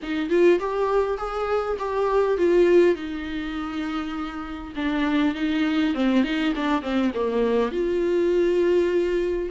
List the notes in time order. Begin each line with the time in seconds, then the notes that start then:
0.02 D#4
0.29 F4
0.59 G4
1.17 G#4
1.78 G4
2.37 F4
2.95 D#4
4.75 D4
5.35 D#4
5.94 C4
6.23 D#4
6.55 D4
6.82 C4
7.14 A#3
7.71 F4